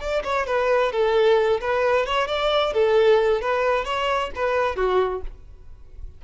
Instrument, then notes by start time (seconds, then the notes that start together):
violin
0.00 D5
0.23 C#5
0.46 B4
0.92 A4
1.60 B4
2.06 C#5
2.27 D5
2.73 A4
3.41 B4
3.85 C#5
4.35 B4
4.76 F#4